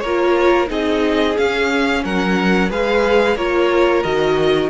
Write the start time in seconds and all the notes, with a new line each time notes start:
0.00 A#3 F4 A#4 C#5
0.67 C4 D#4 G#4 D#5
1.37 C#4 F5
2.04 F#3 A#4 F#5
2.70 G#3 G#4 B4 F5
3.36 A#3 F4 A#4 C#5
4.03 D#3 F#4 D#5